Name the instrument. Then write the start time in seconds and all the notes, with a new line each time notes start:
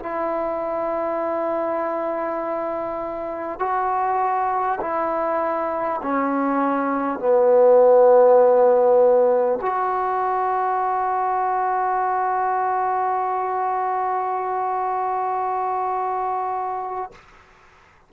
trombone
0.00 E4
3.59 F#4
4.81 E4
6.03 C#4
7.19 B3
9.62 F#4